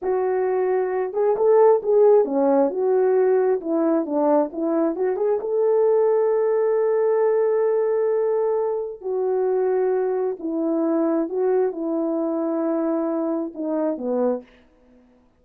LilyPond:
\new Staff \with { instrumentName = "horn" } { \time 4/4 \tempo 4 = 133 fis'2~ fis'8 gis'8 a'4 | gis'4 cis'4 fis'2 | e'4 d'4 e'4 fis'8 gis'8 | a'1~ |
a'1 | fis'2. e'4~ | e'4 fis'4 e'2~ | e'2 dis'4 b4 | }